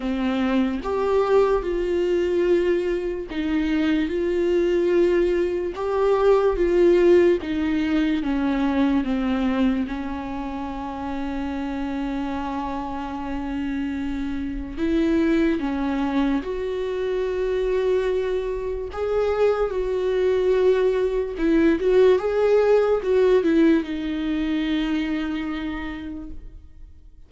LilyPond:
\new Staff \with { instrumentName = "viola" } { \time 4/4 \tempo 4 = 73 c'4 g'4 f'2 | dis'4 f'2 g'4 | f'4 dis'4 cis'4 c'4 | cis'1~ |
cis'2 e'4 cis'4 | fis'2. gis'4 | fis'2 e'8 fis'8 gis'4 | fis'8 e'8 dis'2. | }